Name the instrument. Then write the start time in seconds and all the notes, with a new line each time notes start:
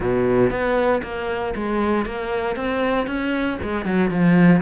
cello
0.00 B2
0.50 B3
1.03 A#3
1.55 G#3
2.05 A#3
2.55 C4
3.06 C#4
3.62 G#3
3.85 F#3
4.10 F3